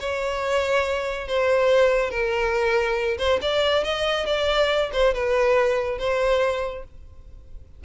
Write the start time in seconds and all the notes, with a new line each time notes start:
0.00 C#5
1.28 C5
2.11 A#4
3.18 C5
3.42 D5
3.84 D#5
4.26 D5
4.93 C5
5.14 B4
5.98 C5